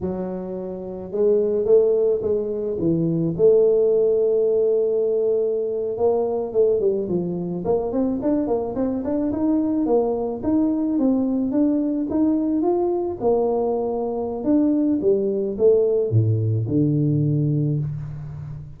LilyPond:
\new Staff \with { instrumentName = "tuba" } { \time 4/4 \tempo 4 = 108 fis2 gis4 a4 | gis4 e4 a2~ | a2~ a8. ais4 a16~ | a16 g8 f4 ais8 c'8 d'8 ais8 c'16~ |
c'16 d'8 dis'4 ais4 dis'4 c'16~ | c'8. d'4 dis'4 f'4 ais16~ | ais2 d'4 g4 | a4 a,4 d2 | }